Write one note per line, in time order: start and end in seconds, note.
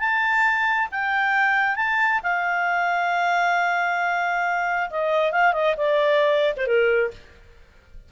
0.00 0.89 A5
0.92 1.77 G5
1.77 2.21 A5
2.24 4.90 F5
4.91 5.32 D#5
5.32 5.53 F5
5.53 5.76 D#5
5.78 6.55 D5
6.57 6.67 C5
6.67 7.12 A#4